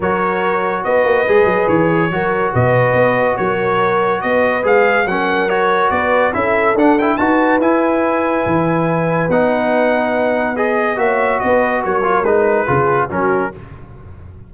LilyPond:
<<
  \new Staff \with { instrumentName = "trumpet" } { \time 4/4 \tempo 4 = 142 cis''2 dis''2 | cis''2 dis''2 | cis''2 dis''4 f''4 | fis''4 cis''4 d''4 e''4 |
fis''8 g''8 a''4 gis''2~ | gis''2 fis''2~ | fis''4 dis''4 e''4 dis''4 | cis''4 b'2 ais'4 | }
  \new Staff \with { instrumentName = "horn" } { \time 4/4 ais'2 b'2~ | b'4 ais'4 b'2 | ais'2 b'2 | ais'2 b'4 a'4~ |
a'4 b'2.~ | b'1~ | b'2 cis''4 b'4 | ais'2 gis'4 fis'4 | }
  \new Staff \with { instrumentName = "trombone" } { \time 4/4 fis'2. gis'4~ | gis'4 fis'2.~ | fis'2. gis'4 | cis'4 fis'2 e'4 |
d'8 e'8 fis'4 e'2~ | e'2 dis'2~ | dis'4 gis'4 fis'2~ | fis'8 f'8 dis'4 f'4 cis'4 | }
  \new Staff \with { instrumentName = "tuba" } { \time 4/4 fis2 b8 ais8 gis8 fis8 | e4 fis4 b,4 b4 | fis2 b4 gis4 | fis2 b4 cis'4 |
d'4 dis'4 e'2 | e2 b2~ | b2 ais4 b4 | fis4 gis4 cis4 fis4 | }
>>